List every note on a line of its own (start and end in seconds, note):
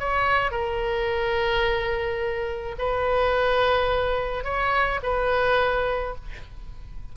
0.00 0.51 C#5
0.51 2.76 A#4
2.79 4.44 B4
4.44 5.00 C#5
5.03 6.15 B4